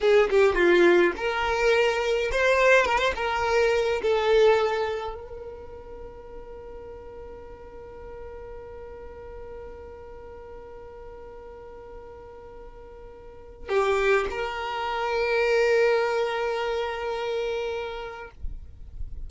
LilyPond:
\new Staff \with { instrumentName = "violin" } { \time 4/4 \tempo 4 = 105 gis'8 g'8 f'4 ais'2 | c''4 ais'16 c''16 ais'4. a'4~ | a'4 ais'2.~ | ais'1~ |
ais'1~ | ais'1 | g'4 ais'2.~ | ais'1 | }